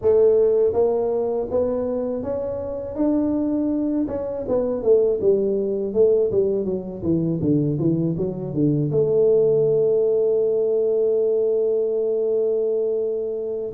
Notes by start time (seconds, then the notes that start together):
0.01 A3
0.73 A#3
1.50 B3
2.22 C#4
2.95 D4
4.07 C#4
4.48 B3
4.82 A3
5.21 G3
5.93 A3
6.31 G3
6.65 F#3
7.02 E3
7.41 D3
7.78 E3
8.17 F#3
8.54 D3
8.91 A3